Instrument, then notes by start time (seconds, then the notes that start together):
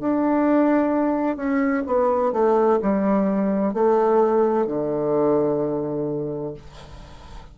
bassoon
0.00 D4
1.36 C#4
1.86 B3
2.33 A3
2.82 G3
3.74 A3
4.67 D3